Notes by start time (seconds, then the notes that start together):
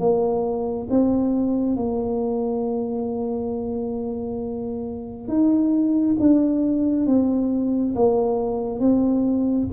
0.00 A#3
0.91 C4
1.76 A#3
5.29 D#4
6.20 D4
7.07 C4
7.96 A#3
8.80 C4